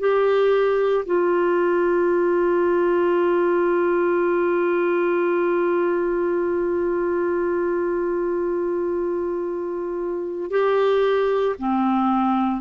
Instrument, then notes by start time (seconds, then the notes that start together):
clarinet
0.00 G4
1.06 F4
10.51 G4
11.59 C4